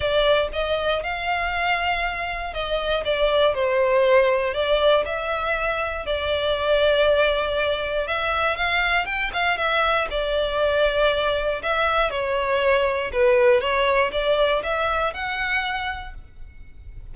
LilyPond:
\new Staff \with { instrumentName = "violin" } { \time 4/4 \tempo 4 = 119 d''4 dis''4 f''2~ | f''4 dis''4 d''4 c''4~ | c''4 d''4 e''2 | d''1 |
e''4 f''4 g''8 f''8 e''4 | d''2. e''4 | cis''2 b'4 cis''4 | d''4 e''4 fis''2 | }